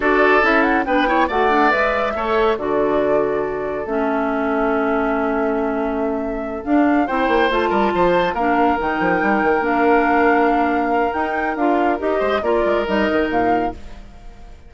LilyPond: <<
  \new Staff \with { instrumentName = "flute" } { \time 4/4 \tempo 4 = 140 d''4 e''8 fis''8 g''4 fis''4 | e''2 d''2~ | d''4 e''2.~ | e''2.~ e''8 f''8~ |
f''8 g''4 a''2 f''8~ | f''8 g''2 f''4.~ | f''2 g''4 f''4 | dis''4 d''4 dis''4 f''4 | }
  \new Staff \with { instrumentName = "oboe" } { \time 4/4 a'2 b'8 cis''8 d''4~ | d''4 cis''4 a'2~ | a'1~ | a'1~ |
a'8 c''4. ais'8 c''4 ais'8~ | ais'1~ | ais'1~ | ais'8 c''8 ais'2. | }
  \new Staff \with { instrumentName = "clarinet" } { \time 4/4 fis'4 e'4 d'8 e'8 fis'8 d'8 | b'4 a'4 fis'2~ | fis'4 cis'2.~ | cis'2.~ cis'8 d'8~ |
d'8 e'4 f'2 d'8~ | d'8 dis'2 d'4.~ | d'2 dis'4 f'4 | g'4 f'4 dis'2 | }
  \new Staff \with { instrumentName = "bassoon" } { \time 4/4 d'4 cis'4 b4 a4 | gis4 a4 d2~ | d4 a2.~ | a2.~ a8 d'8~ |
d'8 c'8 ais8 a8 g8 f4 ais8~ | ais8 dis8 f8 g8 dis8 ais4.~ | ais2 dis'4 d'4 | dis'8 gis8 ais8 gis8 g8 dis8 ais,4 | }
>>